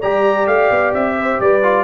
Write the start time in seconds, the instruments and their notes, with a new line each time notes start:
0.00 tuba G3, trombone G4, horn D5, trumpet A#5
0.47 tuba A3, trumpet F5
0.70 tuba B3
0.94 tuba C4, trumpet E5
1.20 horn C5
1.40 tuba G3, horn B4, trumpet D5
1.63 trombone F4